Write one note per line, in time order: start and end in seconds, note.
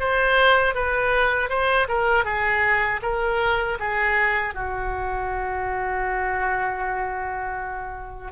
0.00 0.75 C5
0.75 1.49 B4
1.49 1.87 C5
1.88 2.25 A#4
2.25 3.01 G#4
3.02 3.78 A#4
3.79 4.55 G#4
4.55 8.32 F#4